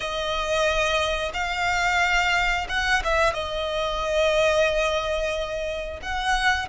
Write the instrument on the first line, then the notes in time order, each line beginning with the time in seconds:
violin
0.00 D#5
1.33 F5
2.68 F#5
3.03 E5
3.33 D#5
6.02 F#5